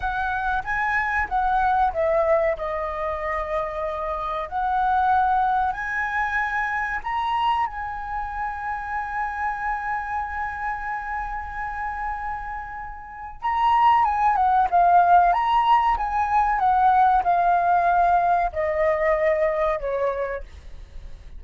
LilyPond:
\new Staff \with { instrumentName = "flute" } { \time 4/4 \tempo 4 = 94 fis''4 gis''4 fis''4 e''4 | dis''2. fis''4~ | fis''4 gis''2 ais''4 | gis''1~ |
gis''1~ | gis''4 ais''4 gis''8 fis''8 f''4 | ais''4 gis''4 fis''4 f''4~ | f''4 dis''2 cis''4 | }